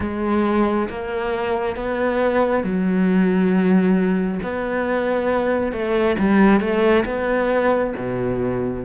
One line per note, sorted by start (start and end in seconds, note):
0.00 0.88 G#3
0.89 1.76 A#3
1.76 2.63 B3
2.63 4.40 F#3
4.42 5.72 B3
5.72 6.16 A3
6.18 6.60 G3
6.60 7.04 A3
7.05 7.93 B3
7.97 8.84 B2